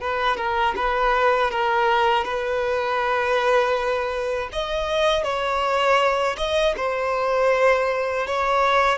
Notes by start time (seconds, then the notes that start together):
0.00 B4
0.36 A#4
0.75 B4
1.50 A#4
2.24 B4
4.52 D#5
5.23 C#5
6.37 D#5
6.76 C5
8.27 C#5